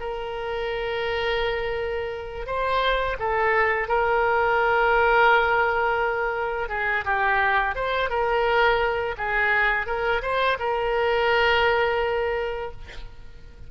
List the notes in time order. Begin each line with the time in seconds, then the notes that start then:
0.00 A#4
2.46 C5
3.20 A4
3.88 A#4
6.69 G#4
7.05 G4
7.75 C5
8.10 A#4
9.18 G#4
9.87 A#4
10.22 C5
10.59 A#4